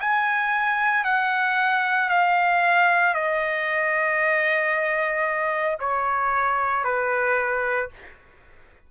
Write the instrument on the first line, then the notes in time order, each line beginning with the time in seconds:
trumpet
0.00 G#5
1.04 F#5
2.09 F5
3.14 D#5
5.79 C#5
6.84 B4